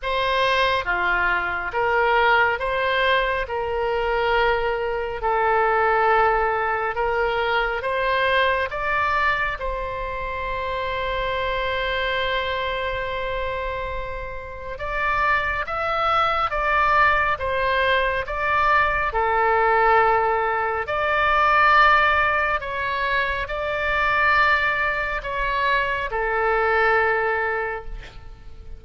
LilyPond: \new Staff \with { instrumentName = "oboe" } { \time 4/4 \tempo 4 = 69 c''4 f'4 ais'4 c''4 | ais'2 a'2 | ais'4 c''4 d''4 c''4~ | c''1~ |
c''4 d''4 e''4 d''4 | c''4 d''4 a'2 | d''2 cis''4 d''4~ | d''4 cis''4 a'2 | }